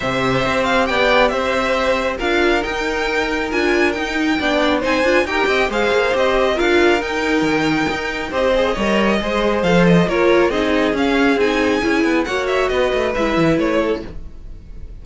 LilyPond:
<<
  \new Staff \with { instrumentName = "violin" } { \time 4/4 \tempo 4 = 137 e''4. f''8 g''4 e''4~ | e''4 f''4 g''2 | gis''4 g''2 gis''4 | g''4 f''4 dis''4 f''4 |
g''2. dis''4~ | dis''2 f''8 dis''8 cis''4 | dis''4 f''4 gis''2 | fis''8 e''8 dis''4 e''4 cis''4 | }
  \new Staff \with { instrumentName = "violin" } { \time 4/4 c''2 d''4 c''4~ | c''4 ais'2.~ | ais'2 d''4 c''4 | ais'8 dis''8 c''2 ais'4~ |
ais'2. c''4 | cis''4 c''2 ais'4 | gis'1 | cis''4 b'2~ b'8 a'8 | }
  \new Staff \with { instrumentName = "viola" } { \time 4/4 g'1~ | g'4 f'4 dis'2 | f'4 dis'4 d'4 dis'8 f'8 | g'4 gis'4 g'4 f'4 |
dis'2. g'8 gis'8 | ais'4 gis'4 a'4 f'4 | dis'4 cis'4 dis'4 e'4 | fis'2 e'2 | }
  \new Staff \with { instrumentName = "cello" } { \time 4/4 c4 c'4 b4 c'4~ | c'4 d'4 dis'2 | d'4 dis'4 b4 c'8 d'8 | dis'8 c'8 gis8 ais8 c'4 d'4 |
dis'4 dis4 dis'4 c'4 | g4 gis4 f4 ais4 | c'4 cis'4 c'4 cis'8 b8 | ais4 b8 a8 gis8 e8 a4 | }
>>